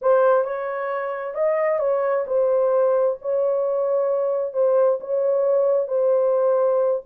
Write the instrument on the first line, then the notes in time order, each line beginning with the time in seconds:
horn
0.01 C5
0.44 C#5
1.34 D#5
1.79 C#5
2.26 C5
3.21 C#5
4.53 C5
5.00 C#5
5.87 C5